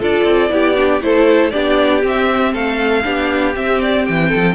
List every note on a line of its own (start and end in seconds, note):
0.00 0.25 D4
0.00 0.50 F4
0.00 0.51 A4
0.00 1.03 D5
0.25 0.50 C4
0.50 1.01 B3
0.50 0.75 E4
0.50 1.04 G4
0.76 1.01 D4
1.01 1.52 A3
1.01 1.52 E4
1.01 1.53 A4
1.01 1.51 C5
1.51 2.03 B3
1.51 2.02 D4
1.51 2.53 G4
1.51 2.02 D5
2.02 3.03 C4
2.02 2.54 C4
2.08 2.54 E5
2.53 3.05 A3
2.53 3.04 A4
2.53 3.55 F5
3.03 3.56 B3
3.03 3.54 D4
3.03 4.28 G4
3.54 4.55 C4
3.54 4.07 C4
3.54 3.81 E5
3.82 4.05 D5
4.05 4.34 E3
4.05 4.55 G5
4.28 4.54 A4
4.35 4.55 F3